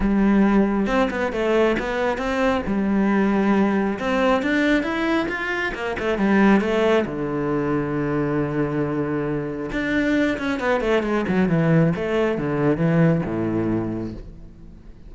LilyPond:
\new Staff \with { instrumentName = "cello" } { \time 4/4 \tempo 4 = 136 g2 c'8 b8 a4 | b4 c'4 g2~ | g4 c'4 d'4 e'4 | f'4 ais8 a8 g4 a4 |
d1~ | d2 d'4. cis'8 | b8 a8 gis8 fis8 e4 a4 | d4 e4 a,2 | }